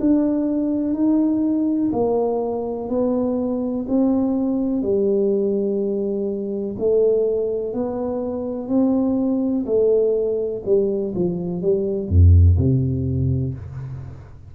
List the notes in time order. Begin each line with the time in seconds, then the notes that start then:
0.00 D4
0.93 D#4
1.92 A#3
2.89 B3
3.88 C4
4.82 G3
6.78 A3
7.73 B3
8.68 C4
9.66 A3
10.65 G3
11.15 F3
11.61 G3
12.08 F2
12.57 C3